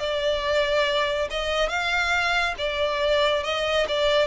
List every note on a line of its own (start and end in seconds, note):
0.00 1.29 D5
1.31 1.69 D#5
1.69 2.54 F5
2.58 3.44 D5
3.44 3.86 D#5
3.88 4.27 D5